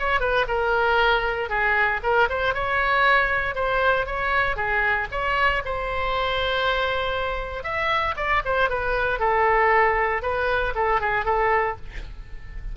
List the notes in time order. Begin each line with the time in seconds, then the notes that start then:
0.00 C#5
0.21 B4
0.48 A#4
1.50 G#4
2.03 A#4
2.30 C5
2.55 C#5
3.56 C5
4.07 C#5
4.57 G#4
5.12 C#5
5.65 C5
7.64 E5
8.17 D5
8.45 C5
8.70 B4
9.20 A4
10.23 B4
10.76 A4
11.01 G#4
11.25 A4